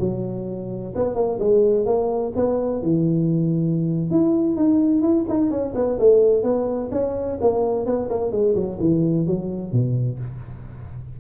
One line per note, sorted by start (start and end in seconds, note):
0.00 0.94 F#3
0.95 1.15 B3
1.15 1.39 A#3
1.40 1.86 G#3
1.86 2.33 A#3
2.36 2.83 B3
2.83 4.11 E3
4.11 4.56 E4
4.56 5.02 D#4
5.02 5.25 E4
5.29 5.51 D#4
5.51 5.74 C#4
5.75 5.99 B3
5.99 6.43 A3
6.43 6.90 B3
6.92 7.38 C#4
7.41 7.86 A#3
7.86 8.09 B3
8.10 8.31 A#3
8.31 8.55 G#3
8.55 8.78 F#3
8.80 9.27 E3
9.27 9.72 F#3
9.72 10.19 B2